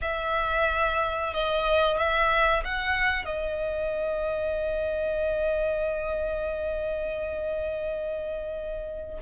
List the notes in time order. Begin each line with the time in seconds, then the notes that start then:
0.01 E5
1.33 D#5
1.98 E5
2.64 F#5
3.25 D#5